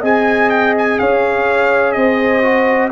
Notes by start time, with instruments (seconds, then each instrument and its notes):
0.00 tuba C4, trombone G#4, horn D#5, trumpet G#5
0.50 trumpet G5
0.78 trumpet G#5
0.99 tuba C#4, horn C#5, trumpet F5
1.92 tuba C4, horn C5, trumpet D#5
2.42 trombone F#4